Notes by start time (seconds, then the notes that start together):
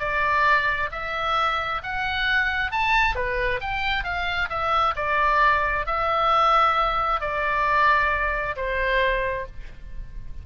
0.00 D5
0.92 E5
1.84 F#5
2.72 A5
3.16 B4
3.61 G5
4.04 F5
4.50 E5
4.96 D5
5.87 E5
7.21 D5
8.57 C5